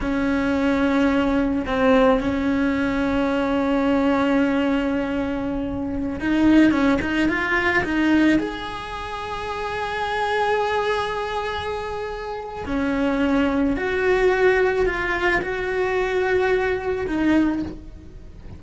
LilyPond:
\new Staff \with { instrumentName = "cello" } { \time 4/4 \tempo 4 = 109 cis'2. c'4 | cis'1~ | cis'2.~ cis'16 dis'8.~ | dis'16 cis'8 dis'8 f'4 dis'4 gis'8.~ |
gis'1~ | gis'2. cis'4~ | cis'4 fis'2 f'4 | fis'2. dis'4 | }